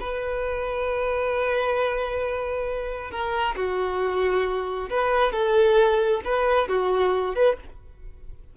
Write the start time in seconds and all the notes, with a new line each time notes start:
0.00 B4
3.11 A#4
3.56 F#4
4.90 B4
5.32 A4
6.24 B4
6.68 F#4
7.35 B4